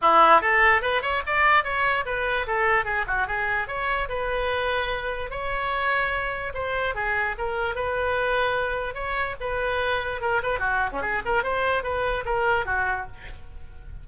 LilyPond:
\new Staff \with { instrumentName = "oboe" } { \time 4/4 \tempo 4 = 147 e'4 a'4 b'8 cis''8 d''4 | cis''4 b'4 a'4 gis'8 fis'8 | gis'4 cis''4 b'2~ | b'4 cis''2. |
c''4 gis'4 ais'4 b'4~ | b'2 cis''4 b'4~ | b'4 ais'8 b'8 fis'8. cis'16 gis'8 ais'8 | c''4 b'4 ais'4 fis'4 | }